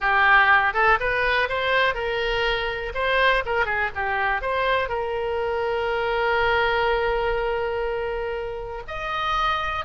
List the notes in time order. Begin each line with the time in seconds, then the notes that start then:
0.00 G4
0.73 A4
0.99 B4
1.48 C5
1.94 A#4
2.94 C5
3.45 A#4
3.65 G#4
3.95 G4
4.41 C5
4.88 A#4
8.87 D#5